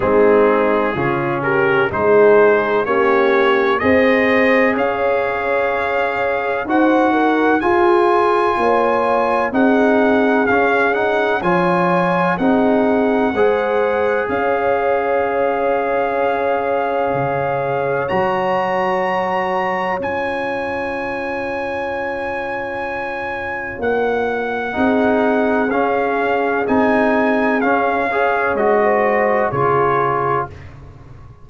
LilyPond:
<<
  \new Staff \with { instrumentName = "trumpet" } { \time 4/4 \tempo 4 = 63 gis'4. ais'8 c''4 cis''4 | dis''4 f''2 fis''4 | gis''2 fis''4 f''8 fis''8 | gis''4 fis''2 f''4~ |
f''2. ais''4~ | ais''4 gis''2.~ | gis''4 fis''2 f''4 | gis''4 f''4 dis''4 cis''4 | }
  \new Staff \with { instrumentName = "horn" } { \time 4/4 dis'4 f'8 g'8 gis'4 g'4 | c''4 cis''2 c''8 ais'8 | gis'4 cis''4 gis'2 | cis''4 gis'4 c''4 cis''4~ |
cis''1~ | cis''1~ | cis''2 gis'2~ | gis'4. cis''8. c''8. gis'4 | }
  \new Staff \with { instrumentName = "trombone" } { \time 4/4 c'4 cis'4 dis'4 cis'4 | gis'2. fis'4 | f'2 dis'4 cis'8 dis'8 | f'4 dis'4 gis'2~ |
gis'2. fis'4~ | fis'4 f'2.~ | f'2 dis'4 cis'4 | dis'4 cis'8 gis'8 fis'4 f'4 | }
  \new Staff \with { instrumentName = "tuba" } { \time 4/4 gis4 cis4 gis4 ais4 | c'4 cis'2 dis'4 | f'4 ais4 c'4 cis'4 | f4 c'4 gis4 cis'4~ |
cis'2 cis4 fis4~ | fis4 cis'2.~ | cis'4 ais4 c'4 cis'4 | c'4 cis'4 gis4 cis4 | }
>>